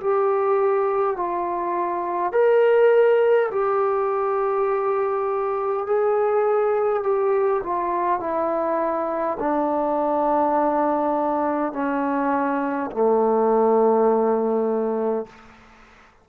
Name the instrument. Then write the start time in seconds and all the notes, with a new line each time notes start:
trombone
0.00 G4
1.16 F4
2.32 A#4
3.51 G4
5.86 G#4
7.03 G4
7.63 F4
8.20 E4
9.39 D4
11.72 C#4
12.91 A3